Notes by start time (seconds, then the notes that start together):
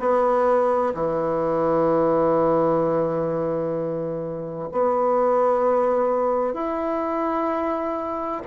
0.00 B3
0.94 E3
4.72 B3
6.54 E4